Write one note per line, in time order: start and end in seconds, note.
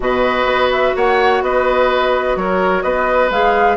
0.00 0.45 B2
0.00 3.30 F#4
0.00 0.96 B4
0.00 0.72 D#5
0.45 0.92 B3
0.72 0.95 E5
0.96 1.41 A#3
0.96 1.43 C#5
0.96 1.43 F#5
1.41 2.36 B3
1.41 2.38 B4
1.41 2.36 D#5
2.36 2.83 F#3
2.36 2.83 A#4
2.36 2.82 C#5
2.82 3.30 B3
2.82 3.76 B4
2.82 3.29 D#5
3.30 3.76 G#3
3.30 3.76 G#4
3.30 3.76 F5